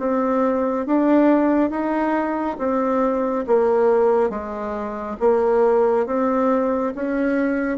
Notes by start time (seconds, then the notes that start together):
0.00 C4
0.87 D4
1.70 D#4
2.58 C4
3.47 A#3
4.30 G#3
5.20 A#3
6.07 C4
6.95 C#4